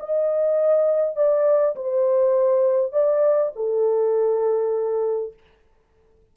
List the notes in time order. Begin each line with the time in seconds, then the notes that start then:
0.00 D#5
1.16 D5
1.76 C5
2.93 D5
3.56 A4